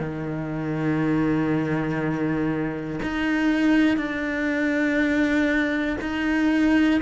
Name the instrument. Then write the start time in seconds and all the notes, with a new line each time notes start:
cello
0.00 D#3
3.03 D#4
3.97 D4
6.01 D#4